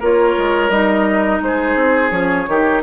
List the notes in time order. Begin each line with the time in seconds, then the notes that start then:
0.00 A#3 F4 A#4 C#5
0.38 G#3
0.70 G3 D#4 D#5
1.42 G#3 G#4 C5
1.76 C4
2.11 F3 C#4 C#5
2.48 D#3 D#4 G4